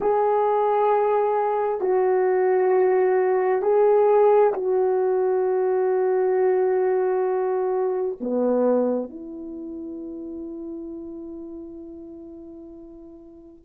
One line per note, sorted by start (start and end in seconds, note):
0.00 1.80 G#4
1.80 3.62 F#4
3.62 4.52 G#4
4.53 8.17 F#4
8.20 9.10 B3
9.10 13.64 E4